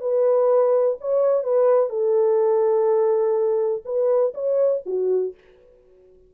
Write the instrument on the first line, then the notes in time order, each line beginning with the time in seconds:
horn
0.00 B4
1.00 C#5
1.43 B4
1.89 A4
3.85 B4
4.34 C#5
4.85 F#4